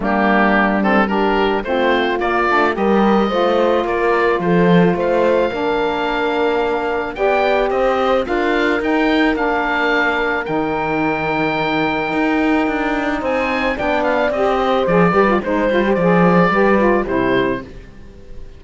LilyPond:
<<
  \new Staff \with { instrumentName = "oboe" } { \time 4/4 \tempo 4 = 109 g'4. a'8 ais'4 c''4 | d''4 dis''2 d''4 | c''4 f''2.~ | f''4 g''4 dis''4 f''4 |
g''4 f''2 g''4~ | g''1 | gis''4 g''8 f''8 dis''4 d''4 | c''4 d''2 c''4 | }
  \new Staff \with { instrumentName = "horn" } { \time 4/4 d'2 g'4 f'4~ | f'4 ais'4 c''4 ais'4 | a'4 c''4 ais'2~ | ais'4 d''4 c''4 ais'4~ |
ais'1~ | ais'1 | c''4 d''4. c''4 b'8 | c''2 b'4 g'4 | }
  \new Staff \with { instrumentName = "saxophone" } { \time 4/4 ais4. c'8 d'4 c'4 | ais8 d'8 g'4 f'2~ | f'2 d'2~ | d'4 g'2 f'4 |
dis'4 d'2 dis'4~ | dis'1~ | dis'4 d'4 g'4 gis'8 g'16 f'16 | dis'8 f'16 g'16 gis'4 g'8 f'8 e'4 | }
  \new Staff \with { instrumentName = "cello" } { \time 4/4 g2. a4 | ais8 a8 g4 a4 ais4 | f4 a4 ais2~ | ais4 b4 c'4 d'4 |
dis'4 ais2 dis4~ | dis2 dis'4 d'4 | c'4 b4 c'4 f8 g8 | gis8 g8 f4 g4 c4 | }
>>